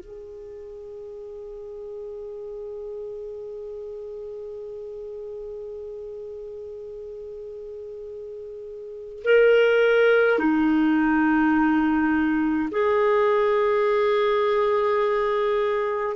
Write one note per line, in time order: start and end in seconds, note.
0.00 9.23 G#4
9.24 10.39 A#4
10.39 12.70 D#4
12.71 16.16 G#4